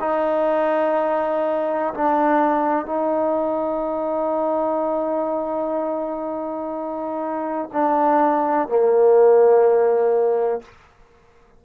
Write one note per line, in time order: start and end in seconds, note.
0.00 1.94 D#4
1.94 2.86 D4
2.86 7.70 D#4
7.73 8.68 D4
8.68 10.62 A#3